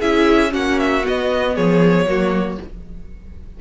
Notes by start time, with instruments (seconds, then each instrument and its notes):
0.00 cello C#4, viola E4, violin G#4 E5
0.51 cello A#3, viola C#4, violin F#4 F#5
0.80 violin E5
1.05 viola B3, cello B3, violin D#5
1.55 cello F3, violin G#4 C#5
2.06 cello F#3, viola A#3, violin F#4